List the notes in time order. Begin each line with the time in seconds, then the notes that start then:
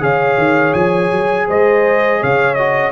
0.00 C#3 G#4 C#5 F5
0.37 D#3
0.74 F3 G#5
1.11 F#3
1.48 G#3 C5 D#5
2.20 C#3 C#5 F5
2.54 F#4 D#5